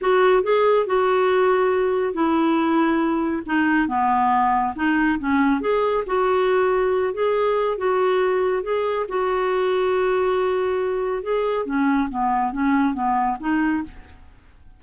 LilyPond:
\new Staff \with { instrumentName = "clarinet" } { \time 4/4 \tempo 4 = 139 fis'4 gis'4 fis'2~ | fis'4 e'2. | dis'4 b2 dis'4 | cis'4 gis'4 fis'2~ |
fis'8 gis'4. fis'2 | gis'4 fis'2.~ | fis'2 gis'4 cis'4 | b4 cis'4 b4 dis'4 | }